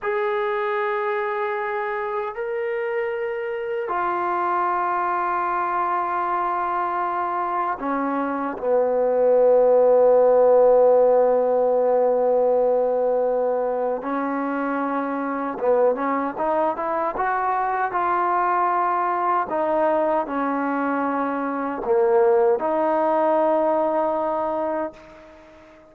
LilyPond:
\new Staff \with { instrumentName = "trombone" } { \time 4/4 \tempo 4 = 77 gis'2. ais'4~ | ais'4 f'2.~ | f'2 cis'4 b4~ | b1~ |
b2 cis'2 | b8 cis'8 dis'8 e'8 fis'4 f'4~ | f'4 dis'4 cis'2 | ais4 dis'2. | }